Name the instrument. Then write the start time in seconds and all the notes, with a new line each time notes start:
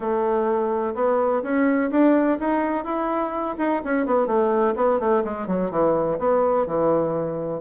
bassoon
0.00 A3
0.95 B3
1.42 C#4
1.90 D4
2.39 D#4
2.84 E4
3.58 D#4
3.84 C#4
4.06 B3
4.26 A3
4.75 B3
4.99 A3
5.24 G#3
5.47 F#3
5.70 E3
6.19 B3
6.66 E3